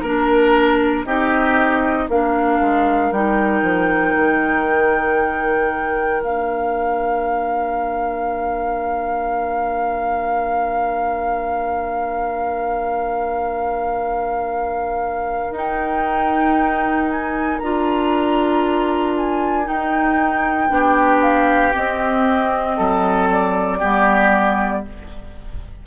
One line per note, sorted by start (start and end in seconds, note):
0.00 1.05 A#3
0.00 1.05 D4
0.00 1.03 A#4
0.00 1.06 A#4
1.05 2.08 C4
1.05 2.09 D#4
1.05 2.09 G4
1.05 2.08 D#5
2.08 2.60 A#3
2.08 3.14 D4
2.08 20.71 A#4
2.08 3.12 F5
2.61 3.11 G#3
3.11 3.62 G3
3.11 6.24 D#4
3.11 6.22 G5
3.62 4.13 F3
4.16 6.22 D#3
6.22 15.51 A#3
6.22 15.55 D4
6.22 15.54 F5
15.51 17.58 D#4
15.51 17.62 D#4
15.57 17.10 G5
17.10 17.58 G#5
17.58 19.68 D4
17.58 19.64 F4
17.58 19.13 A#5
19.17 19.68 G#5
19.64 20.68 D#4
19.64 20.69 D#4
19.64 21.22 G5
20.68 21.73 B3
20.68 21.72 D4
20.68 22.77 G4
21.22 21.73 F5
21.73 23.80 C4
21.73 22.78 C4
21.73 23.30 D#5
22.77 23.82 F#3
22.77 23.79 A4
23.30 24.85 D5
23.79 24.86 G3
23.79 24.84 B3
23.79 24.82 G4